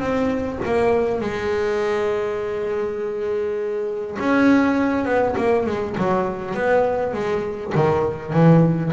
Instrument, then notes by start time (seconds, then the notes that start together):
double bass
0.00 C4
0.66 A#3
1.21 G#3
4.20 C#4
5.05 B3
5.38 A#3
5.67 G#3
5.98 F#3
6.55 B3
7.14 G#3
7.75 D#3
8.33 E3